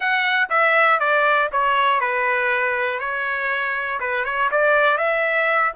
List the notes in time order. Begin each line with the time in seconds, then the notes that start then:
0.00 F#5
0.49 E5
0.99 D5
1.52 C#5
2.00 B4
2.99 C#5
4.00 B4
4.24 C#5
4.51 D5
4.97 E5